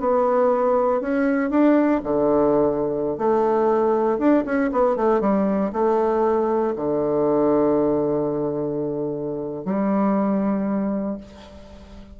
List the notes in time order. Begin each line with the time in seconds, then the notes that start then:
0.00 B3
1.01 C#4
1.50 D4
2.03 D3
3.18 A3
4.19 D4
4.45 C#4
4.72 B3
4.96 A3
5.21 G3
5.72 A3
6.76 D3
9.65 G3